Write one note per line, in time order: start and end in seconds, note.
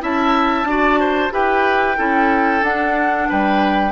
0.00 0.65 C#4
0.00 0.65 E4
0.00 0.68 E5
0.00 1.34 A5
0.65 1.30 D4
0.65 1.31 F#4
0.65 1.01 D5
1.01 1.33 C5
1.31 1.98 E4
1.31 1.96 G4
1.31 1.98 B4
1.31 2.64 G5
1.98 2.62 C#4
1.98 2.63 E4
1.98 3.28 A4
2.62 3.28 D4
2.62 3.92 D4
2.62 3.30 F#5
3.29 3.92 G3
3.29 3.92 B4
3.29 3.92 G5